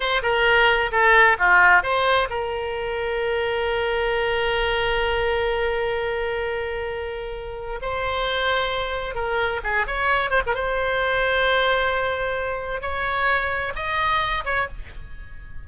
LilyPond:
\new Staff \with { instrumentName = "oboe" } { \time 4/4 \tempo 4 = 131 c''8 ais'4. a'4 f'4 | c''4 ais'2.~ | ais'1~ | ais'1~ |
ais'4 c''2. | ais'4 gis'8 cis''4 c''16 ais'16 c''4~ | c''1 | cis''2 dis''4. cis''8 | }